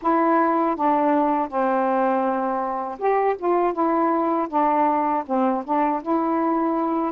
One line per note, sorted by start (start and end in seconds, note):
0.01 0.76 E4
0.76 1.48 D4
1.48 2.98 C4
2.98 3.36 G4
3.38 3.73 F4
3.73 4.48 E4
4.49 5.24 D4
5.26 5.64 C4
5.64 6.02 D4
6.02 7.12 E4